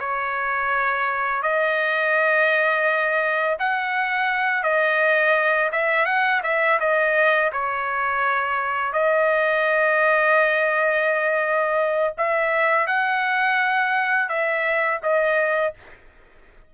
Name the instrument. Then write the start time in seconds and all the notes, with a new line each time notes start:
trumpet
0.00 C#5
1.43 D#5
3.60 F#5
4.63 D#5
5.72 E5
6.06 F#5
6.44 E5
6.80 D#5
7.53 C#5
8.93 D#5
12.18 E5
12.87 F#5
14.29 E5
15.03 D#5